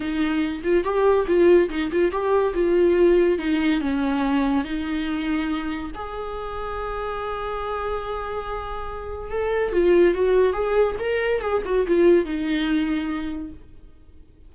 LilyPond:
\new Staff \with { instrumentName = "viola" } { \time 4/4 \tempo 4 = 142 dis'4. f'8 g'4 f'4 | dis'8 f'8 g'4 f'2 | dis'4 cis'2 dis'4~ | dis'2 gis'2~ |
gis'1~ | gis'2 a'4 f'4 | fis'4 gis'4 ais'4 gis'8 fis'8 | f'4 dis'2. | }